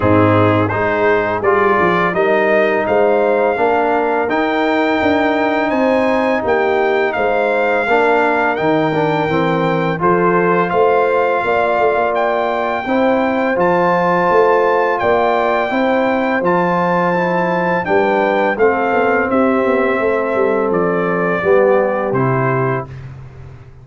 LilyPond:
<<
  \new Staff \with { instrumentName = "trumpet" } { \time 4/4 \tempo 4 = 84 gis'4 c''4 d''4 dis''4 | f''2 g''2 | gis''4 g''4 f''2 | g''2 c''4 f''4~ |
f''4 g''2 a''4~ | a''4 g''2 a''4~ | a''4 g''4 f''4 e''4~ | e''4 d''2 c''4 | }
  \new Staff \with { instrumentName = "horn" } { \time 4/4 dis'4 gis'2 ais'4 | c''4 ais'2. | c''4 g'4 c''4 ais'4~ | ais'2 a'4 c''4 |
d''2 c''2~ | c''4 d''4 c''2~ | c''4 b'4 a'4 g'4 | a'2 g'2 | }
  \new Staff \with { instrumentName = "trombone" } { \time 4/4 c'4 dis'4 f'4 dis'4~ | dis'4 d'4 dis'2~ | dis'2. d'4 | dis'8 d'8 c'4 f'2~ |
f'2 e'4 f'4~ | f'2 e'4 f'4 | e'4 d'4 c'2~ | c'2 b4 e'4 | }
  \new Staff \with { instrumentName = "tuba" } { \time 4/4 gis,4 gis4 g8 f8 g4 | gis4 ais4 dis'4 d'4 | c'4 ais4 gis4 ais4 | dis4 e4 f4 a4 |
ais8 a16 ais4~ ais16 c'4 f4 | a4 ais4 c'4 f4~ | f4 g4 a8 b8 c'8 b8 | a8 g8 f4 g4 c4 | }
>>